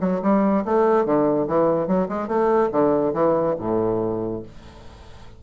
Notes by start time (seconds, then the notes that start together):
0.00 F#3
0.22 G3
0.65 A3
1.05 D3
1.47 E3
1.87 F#3
2.08 G#3
2.28 A3
2.72 D3
3.13 E3
3.59 A2